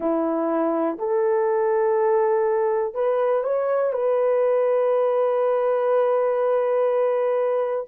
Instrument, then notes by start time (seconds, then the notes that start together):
horn
0.00 E4
0.98 A4
2.94 B4
3.43 C#5
3.92 B4